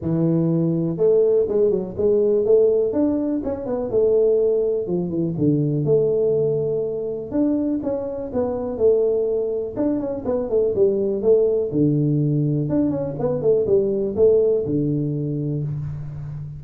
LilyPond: \new Staff \with { instrumentName = "tuba" } { \time 4/4 \tempo 4 = 123 e2 a4 gis8 fis8 | gis4 a4 d'4 cis'8 b8 | a2 f8 e8 d4 | a2. d'4 |
cis'4 b4 a2 | d'8 cis'8 b8 a8 g4 a4 | d2 d'8 cis'8 b8 a8 | g4 a4 d2 | }